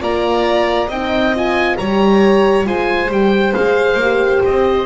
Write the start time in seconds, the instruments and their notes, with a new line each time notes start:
0.00 double bass A#3, horn F4, violin D5, oboe A#5
0.89 double bass C4, horn D#4, violin D#5, oboe G5
1.36 horn F4, oboe G#5
1.78 double bass G3, horn G4, violin C#5, oboe A#5
2.66 double bass G#3, horn F4, violin C5, oboe G#5
3.10 double bass G3, horn G4, oboe G5
3.55 double bass G#3, horn G#4, oboe F5
3.95 double bass A#3
4.02 horn G4
4.45 double bass C4, oboe D#5